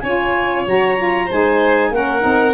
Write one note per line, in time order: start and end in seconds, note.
0.00 0.66 C#4
0.00 0.67 F4
0.00 1.26 C#5
0.00 0.63 G#5
0.66 1.29 F#3
0.66 0.97 F#4
0.66 1.31 A#5
0.97 1.28 F4
1.26 1.93 D#4
1.26 1.89 C5
1.26 1.94 G#5
1.32 1.91 G#3
1.91 2.23 A#3
1.91 2.20 C#4
1.91 2.54 A#4
1.91 2.54 F#5
2.20 2.54 C4
2.20 2.52 D#4